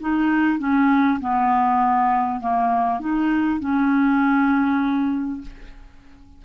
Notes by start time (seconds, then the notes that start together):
0.00 D#4
0.59 C#4
1.20 B3
2.40 A#3
3.00 D#4
3.60 C#4